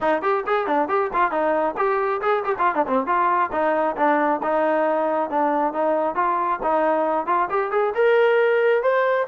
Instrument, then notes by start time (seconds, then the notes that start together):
trombone
0.00 D#4
0.22 G4
0.46 G#4
0.66 D4
0.88 G4
1.13 F4
1.31 D#4
1.77 G4
2.21 G#4
2.44 G4
2.58 F4
2.74 D4
2.87 C4
3.06 F4
3.52 D#4
3.96 D4
4.42 D#4
5.30 D4
5.73 D#4
6.15 F4
6.62 D#4
7.26 F4
7.49 G4
7.71 G#4
7.94 A#4
8.82 C5